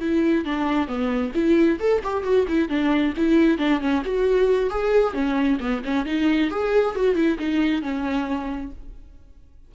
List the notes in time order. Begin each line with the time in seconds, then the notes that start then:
0.00 E4
0.45 D4
0.87 B3
1.34 E4
1.80 A4
2.04 G4
2.23 F#4
2.48 E4
2.69 D4
3.17 E4
3.58 D4
3.80 C#4
4.05 F#4
4.70 G#4
5.14 C#4
5.60 B3
5.84 C#4
6.06 D#4
6.50 G#4
6.95 F#4
7.15 E4
7.39 D#4
7.82 C#4